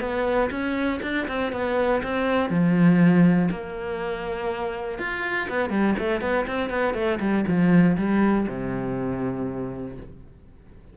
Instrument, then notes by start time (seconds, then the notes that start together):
cello
0.00 B3
0.50 C#4
1.02 D4
1.28 C4
1.52 B3
2.03 C4
2.50 F3
3.50 A#3
4.98 F4
5.49 B3
5.70 G3
5.98 A3
6.21 B3
6.47 C4
6.70 B3
6.94 A3
7.20 G3
7.47 F3
7.97 G3
8.48 C3